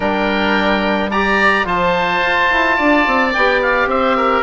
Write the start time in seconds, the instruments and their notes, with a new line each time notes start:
0.00 bassoon G3, trombone D4, oboe A#4 G5
1.10 trombone G4, oboe D5 A#5
1.64 bassoon F3, trombone F4, oboe C5 A5
2.22 bassoon F4
2.51 bassoon E4
2.76 bassoon D4, oboe D5
3.06 bassoon C4
3.33 bassoon B3, trombone G4, oboe G5
3.61 oboe F5
3.86 bassoon C4, oboe C5 E5
4.16 oboe A#4